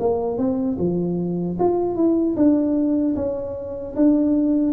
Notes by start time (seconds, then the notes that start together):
0.00 A#3
0.38 C4
0.79 F3
1.60 F4
1.96 E4
2.36 D4
3.16 C#4
3.96 D4